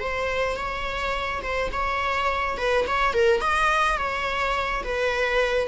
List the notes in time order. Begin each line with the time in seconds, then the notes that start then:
0.00 C5
0.57 C#5
1.43 C5
1.73 C#5
2.58 B4
2.88 C#5
3.14 A#4
3.41 D#5
3.98 C#5
4.84 B4